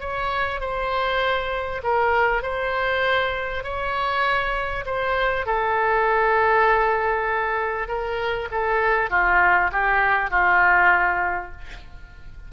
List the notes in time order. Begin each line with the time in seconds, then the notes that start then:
0.00 C#5
0.60 C5
1.83 A#4
2.43 C5
3.64 C#5
4.86 C5
5.46 A4
7.88 A#4
8.51 A4
9.10 F4
9.72 G4
10.31 F4